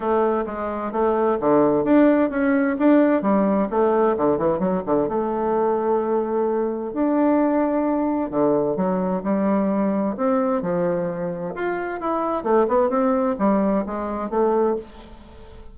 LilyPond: \new Staff \with { instrumentName = "bassoon" } { \time 4/4 \tempo 4 = 130 a4 gis4 a4 d4 | d'4 cis'4 d'4 g4 | a4 d8 e8 fis8 d8 a4~ | a2. d'4~ |
d'2 d4 fis4 | g2 c'4 f4~ | f4 f'4 e'4 a8 b8 | c'4 g4 gis4 a4 | }